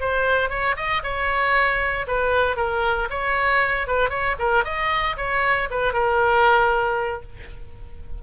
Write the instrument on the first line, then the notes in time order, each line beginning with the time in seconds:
oboe
0.00 C5
0.50 C#5
0.76 D#5
1.03 C#5
2.07 B4
2.57 A#4
3.10 C#5
3.87 B4
4.10 C#5
4.39 A#4
4.65 D#5
5.17 C#5
5.70 B4
5.93 A#4